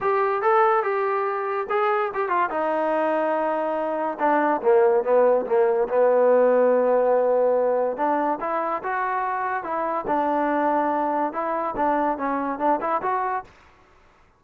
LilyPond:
\new Staff \with { instrumentName = "trombone" } { \time 4/4 \tempo 4 = 143 g'4 a'4 g'2 | gis'4 g'8 f'8 dis'2~ | dis'2 d'4 ais4 | b4 ais4 b2~ |
b2. d'4 | e'4 fis'2 e'4 | d'2. e'4 | d'4 cis'4 d'8 e'8 fis'4 | }